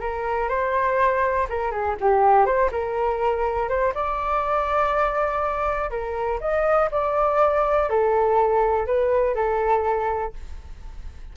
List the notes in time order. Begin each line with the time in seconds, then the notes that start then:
0.00 A#4
0.49 C5
1.49 A#4
1.71 G#4
2.00 G4
2.45 C5
2.72 A#4
3.69 C5
3.94 D5
5.90 A#4
6.40 D#5
6.91 D5
7.90 A4
8.86 B4
9.35 A4